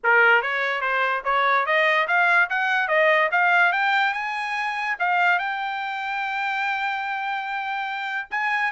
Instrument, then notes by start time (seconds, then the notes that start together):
trumpet
0.03 A#4
0.41 C#5
0.81 C5
1.24 C#5
1.66 D#5
2.07 F5
2.49 F#5
2.88 D#5
3.31 F5
3.72 G5
4.13 G#5
4.99 F5
5.38 G5
8.30 G#5